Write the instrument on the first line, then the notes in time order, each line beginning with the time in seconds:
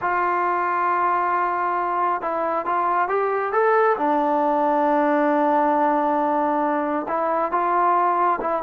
trombone
0.01 F4
2.21 E4
2.65 F4
3.08 G4
3.52 A4
3.97 D4
7.07 E4
7.51 F4
8.40 E4